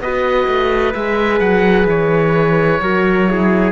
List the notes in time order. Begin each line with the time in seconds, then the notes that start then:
0.00 B3 F#4 B4 D#5
0.47 A3
0.94 G#3 G#4 E5
1.40 F#3 F#5
1.87 E3 C#5
2.81 F#3 F#4 A#4
3.28 E4 G#4